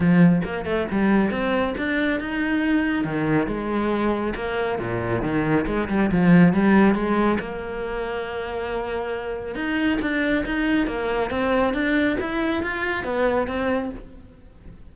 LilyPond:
\new Staff \with { instrumentName = "cello" } { \time 4/4 \tempo 4 = 138 f4 ais8 a8 g4 c'4 | d'4 dis'2 dis4 | gis2 ais4 ais,4 | dis4 gis8 g8 f4 g4 |
gis4 ais2.~ | ais2 dis'4 d'4 | dis'4 ais4 c'4 d'4 | e'4 f'4 b4 c'4 | }